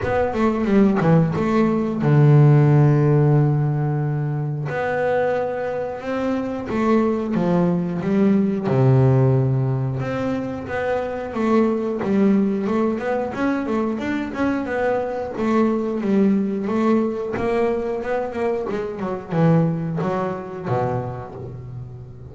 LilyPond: \new Staff \with { instrumentName = "double bass" } { \time 4/4 \tempo 4 = 90 b8 a8 g8 e8 a4 d4~ | d2. b4~ | b4 c'4 a4 f4 | g4 c2 c'4 |
b4 a4 g4 a8 b8 | cis'8 a8 d'8 cis'8 b4 a4 | g4 a4 ais4 b8 ais8 | gis8 fis8 e4 fis4 b,4 | }